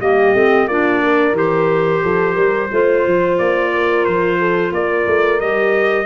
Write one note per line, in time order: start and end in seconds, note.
0.00 0.33 G3
0.00 0.34 A#3
0.00 0.69 G4
0.00 0.68 D#5
0.33 0.67 A3
0.33 0.68 C4
0.67 1.32 A#3
0.67 1.34 D4
0.67 1.03 F4
0.67 1.35 D5
1.03 2.03 A#4
1.32 1.99 E3
1.32 2.69 G4
1.32 3.38 C5
2.03 2.36 F3
2.03 2.34 A4
2.34 2.70 G3
2.34 2.68 A#4
2.71 3.05 A3
2.71 5.39 F4
2.71 3.73 C5
3.05 3.39 F3
3.38 4.06 A#3
3.38 4.04 D5
3.74 4.38 A#4
4.04 4.72 F3
4.04 4.72 C5
4.38 4.72 A4
4.72 5.05 A#3
4.72 6.05 A#4
4.72 5.40 D5
5.07 5.40 A3
5.39 6.05 G3
5.39 6.05 G4
5.39 6.05 D#5